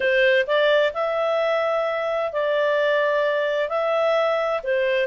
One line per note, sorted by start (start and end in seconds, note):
0.00 0.45 C5
0.46 0.93 D5
0.93 2.32 E5
2.32 3.68 D5
3.68 4.61 E5
4.63 5.07 C5